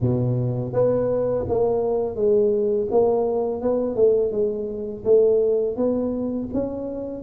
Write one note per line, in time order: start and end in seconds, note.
0.00 0.72 B2
0.72 1.45 B3
1.48 2.15 A#3
2.15 2.87 G#3
2.90 3.61 A#3
3.61 3.95 B3
3.95 4.31 A3
4.31 5.04 G#3
5.04 5.76 A3
5.76 6.48 B3
6.53 7.23 C#4